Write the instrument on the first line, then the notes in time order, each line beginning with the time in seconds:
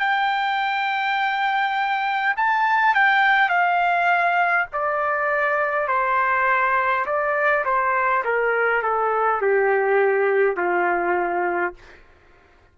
trumpet
0.00 G5
2.37 A5
2.95 G5
3.50 F5
4.73 D5
5.88 C5
7.06 D5
7.65 C5
8.25 A#4
8.83 A4
9.42 G4
10.57 F4